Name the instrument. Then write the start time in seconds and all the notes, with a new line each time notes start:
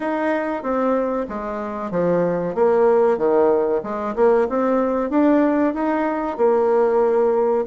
bassoon
0.00 D#4
0.62 C4
1.28 G#3
1.90 F3
2.54 A#3
3.17 D#3
3.83 G#3
4.15 A#3
4.49 C4
5.10 D4
5.74 D#4
6.37 A#3